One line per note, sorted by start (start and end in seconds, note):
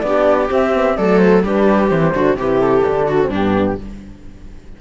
0.00 0.50 B3
0.00 0.48 D4
0.00 0.47 D5
0.07 0.98 G4
0.48 0.71 C4
0.48 0.99 C4
0.48 0.97 E5
0.74 0.97 B3
0.97 1.45 F#3
0.97 1.45 A3
0.97 1.44 A4
0.97 1.19 D5
1.19 1.42 C5
1.44 1.91 G3
1.44 1.90 D4
1.44 2.14 G4
1.44 1.90 B4
1.90 2.15 E3
1.90 2.13 C4
1.90 2.37 C5
2.15 2.36 D3
2.15 2.38 D4
2.15 2.38 F#4
2.36 2.83 C3
2.36 2.85 E4
2.36 3.08 G4
2.36 2.61 B4
2.61 3.31 A4
2.85 3.29 D3
2.85 3.20 D4
3.08 3.30 F#4
3.22 3.34 C4
3.29 3.76 G2
3.29 3.81 B3
3.29 3.77 D4
3.29 3.81 G4